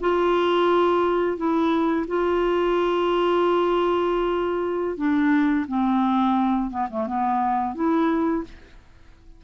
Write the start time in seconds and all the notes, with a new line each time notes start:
0.00 F4
1.37 E4
2.07 F4
4.97 D4
5.67 C4
6.70 B3
6.90 A3
7.06 B3
7.74 E4